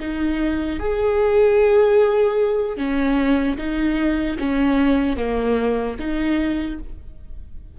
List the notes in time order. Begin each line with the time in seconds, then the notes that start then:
0.00 D#4
0.80 G#4
2.77 C#4
3.58 D#4
4.39 C#4
5.17 A#3
6.00 D#4